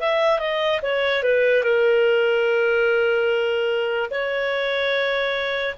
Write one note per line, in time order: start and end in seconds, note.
0.00 0.39 E5
0.39 0.80 D#5
0.82 1.23 C#5
1.23 1.63 B4
1.63 4.10 A#4
4.11 5.75 C#5